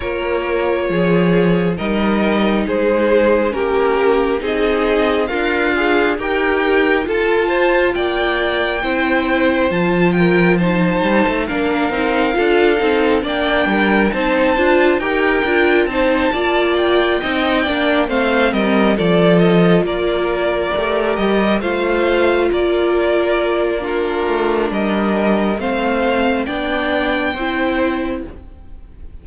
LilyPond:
<<
  \new Staff \with { instrumentName = "violin" } { \time 4/4 \tempo 4 = 68 cis''2 dis''4 c''4 | ais'4 dis''4 f''4 g''4 | a''4 g''2 a''8 g''8 | a''4 f''2 g''4 |
a''4 g''4 a''4 g''4~ | g''8 f''8 dis''8 d''8 dis''8 d''4. | dis''8 f''4 d''4. ais'4 | dis''4 f''4 g''2 | }
  \new Staff \with { instrumentName = "violin" } { \time 4/4 ais'4 gis'4 ais'4 gis'4 | g'4 gis'4 f'4 ais'4 | a'8 c''8 d''4 c''4. ais'8 | c''4 ais'4 a'4 d''8 ais'8 |
c''4 ais'4 c''8 d''4 dis''8 | d''8 c''8 ais'8 a'4 ais'4.~ | ais'8 c''4 ais'4. f'4 | ais'4 c''4 d''4 c''4 | }
  \new Staff \with { instrumentName = "viola" } { \time 4/4 f'2 dis'2 | cis'4 dis'4 ais'8 gis'8 g'4 | f'2 e'4 f'4 | dis'4 d'8 dis'8 f'8 dis'8 d'4 |
dis'8 f'8 g'8 f'8 dis'8 f'4 dis'8 | d'8 c'4 f'2 g'8~ | g'8 f'2~ f'8 d'4~ | d'4 c'4 d'4 e'4 | }
  \new Staff \with { instrumentName = "cello" } { \time 4/4 ais4 f4 g4 gis4 | ais4 c'4 d'4 dis'4 | f'4 ais4 c'4 f4~ | f8 g16 a16 ais8 c'8 d'8 c'8 ais8 g8 |
c'8 d'8 dis'8 d'8 c'8 ais4 c'8 | ais8 a8 g8 f4 ais4 a8 | g8 a4 ais2 a8 | g4 a4 b4 c'4 | }
>>